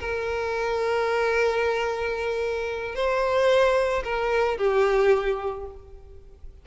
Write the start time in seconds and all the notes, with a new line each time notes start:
0.00 A#4
2.95 C5
4.04 A#4
4.58 G4